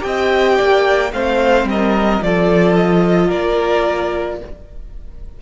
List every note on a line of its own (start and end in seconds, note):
0.00 0.59 C4
0.00 1.09 G4
0.00 0.57 D#5
0.00 1.12 G5
0.57 1.12 A#3
0.57 1.11 D5
1.12 1.65 A3
1.12 2.22 C4
1.12 1.69 C5
1.12 1.67 F5
1.65 2.19 G3
1.65 2.25 A#4
1.65 2.23 D#5
2.22 3.31 F3
2.22 4.42 F4
2.22 3.27 A4
2.22 2.76 D5
2.76 3.30 D#5
3.27 4.41 A#3
3.27 4.36 A#4
3.27 4.39 D5